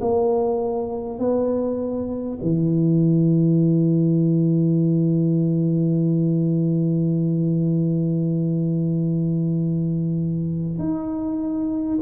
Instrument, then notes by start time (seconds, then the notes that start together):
tuba
0.00 A#3
1.18 B3
2.42 E3
10.78 D#4